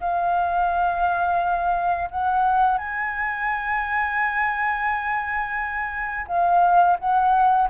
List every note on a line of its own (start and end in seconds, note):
0.00 2.09 F5
2.11 2.77 F#5
2.77 6.26 G#5
6.27 6.97 F5
6.99 7.69 F#5